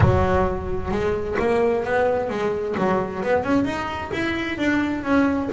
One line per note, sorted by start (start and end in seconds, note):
0.00 0.91 F#3
0.91 1.36 G#3
1.39 1.84 A#3
1.84 2.29 B3
2.29 2.75 G#3
2.77 3.22 F#3
3.22 3.44 B3
3.44 3.64 C#4
3.64 4.10 D#4
4.12 4.58 E4
4.58 5.03 D4
5.03 5.49 C#4